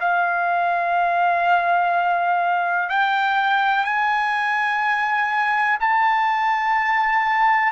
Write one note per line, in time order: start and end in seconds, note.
0.00 2.89 F5
2.89 3.85 G5
3.85 5.78 G#5
5.81 7.72 A5